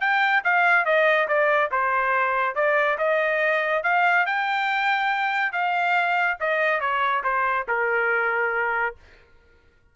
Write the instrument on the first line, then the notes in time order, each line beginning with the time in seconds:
trumpet
0.00 G5
0.44 F5
0.85 D#5
1.28 D5
1.71 C5
2.55 D5
2.98 D#5
3.83 F5
4.26 G5
5.52 F5
6.40 D#5
6.80 C#5
7.23 C5
7.68 A#4